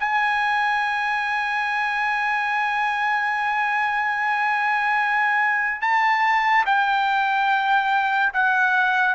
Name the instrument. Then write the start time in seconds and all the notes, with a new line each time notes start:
trumpet
0.00 G#5
5.82 A5
6.66 G5
8.34 F#5